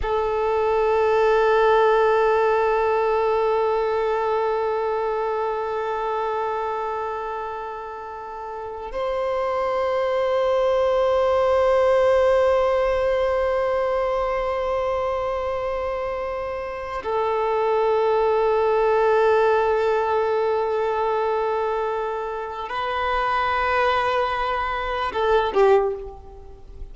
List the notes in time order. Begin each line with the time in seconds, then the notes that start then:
0.02 A4
8.92 C5
17.03 A4
22.68 B4
25.12 A4
25.53 G4